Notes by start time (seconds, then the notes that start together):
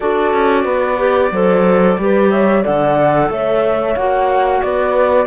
0.00 D4 F#4 A4 D5
0.33 C#4
0.64 B3 B4
0.97 G4
1.31 F#3 A4 C5
1.98 G3 G4 B4
2.30 C#5 E5
2.62 D3 A4 D5 F#5
3.29 A3 C#5 E5
3.96 A#3 F#4 F#5
4.62 B3 B4 D5